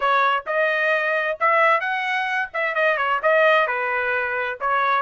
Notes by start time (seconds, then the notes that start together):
0.00 C#5
0.46 D#5
1.39 E5
1.80 F#5
2.53 E5
2.75 D#5
2.97 C#5
3.22 D#5
3.67 B4
4.60 C#5